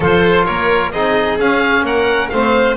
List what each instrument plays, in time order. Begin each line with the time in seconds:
0.00 double bass F3, trombone F4, violin A4, oboe C5
0.45 double bass A#3, violin A#4, oboe C#5
0.91 double bass C4, trombone D#4, violin G#4, oboe D#5
1.38 double bass C#4, trombone C#4, oboe F5
1.82 double bass A#3, violin A#4, oboe F#5
2.29 double bass A3, trombone C4, violin C5, oboe F5